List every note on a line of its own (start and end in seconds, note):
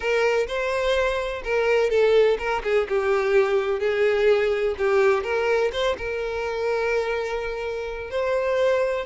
0.00 0.47 A#4
0.47 1.42 C5
1.44 1.90 A#4
1.90 2.37 A4
2.38 2.62 A#4
2.63 2.87 G#4
2.89 3.79 G4
3.79 4.75 G#4
4.78 5.23 G4
5.23 5.71 A#4
5.72 5.96 C5
5.97 8.10 A#4
8.10 9.05 C5